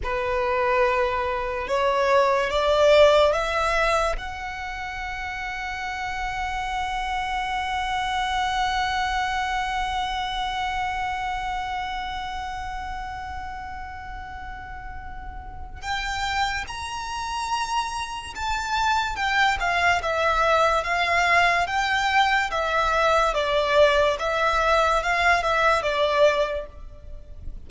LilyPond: \new Staff \with { instrumentName = "violin" } { \time 4/4 \tempo 4 = 72 b'2 cis''4 d''4 | e''4 fis''2.~ | fis''1~ | fis''1~ |
fis''2. g''4 | ais''2 a''4 g''8 f''8 | e''4 f''4 g''4 e''4 | d''4 e''4 f''8 e''8 d''4 | }